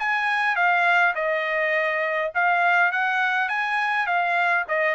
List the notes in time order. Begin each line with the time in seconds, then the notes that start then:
0.00 G#5
0.56 F5
1.16 D#5
2.35 F5
2.92 F#5
3.49 G#5
4.07 F5
4.69 D#5